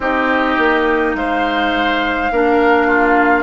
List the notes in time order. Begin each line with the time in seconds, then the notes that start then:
0.00 C4 D#4 G4 D#5
0.57 A#3
1.14 G#3 C5 F5
2.31 A#3 D4 A#4
2.87 F4